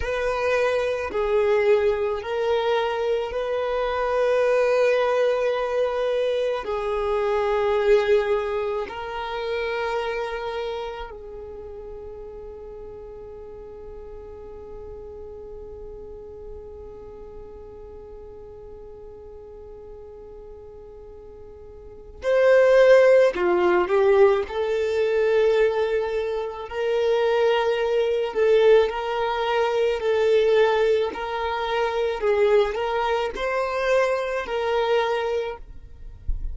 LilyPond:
\new Staff \with { instrumentName = "violin" } { \time 4/4 \tempo 4 = 54 b'4 gis'4 ais'4 b'4~ | b'2 gis'2 | ais'2 gis'2~ | gis'1~ |
gis'1 | c''4 f'8 g'8 a'2 | ais'4. a'8 ais'4 a'4 | ais'4 gis'8 ais'8 c''4 ais'4 | }